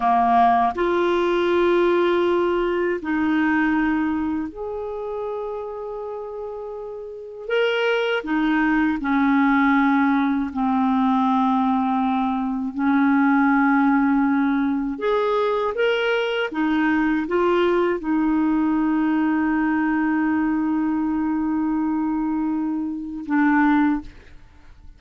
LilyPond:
\new Staff \with { instrumentName = "clarinet" } { \time 4/4 \tempo 4 = 80 ais4 f'2. | dis'2 gis'2~ | gis'2 ais'4 dis'4 | cis'2 c'2~ |
c'4 cis'2. | gis'4 ais'4 dis'4 f'4 | dis'1~ | dis'2. d'4 | }